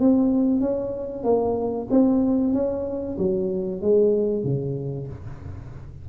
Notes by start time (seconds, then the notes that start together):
0.00 C4
0.61 C#4
1.24 A#3
1.91 C4
2.54 C#4
3.19 F#3
3.82 G#3
4.44 C#3